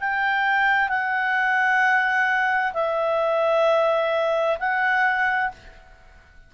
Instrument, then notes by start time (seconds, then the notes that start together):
clarinet
0.00 G5
0.89 F#5
2.74 E5
4.59 F#5